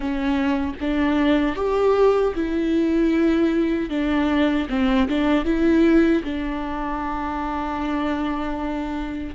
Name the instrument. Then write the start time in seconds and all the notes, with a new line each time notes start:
viola
0.00 C#4
0.80 D4
1.55 G4
2.35 E4
3.89 D4
4.69 C4
5.08 D4
5.44 E4
6.23 D4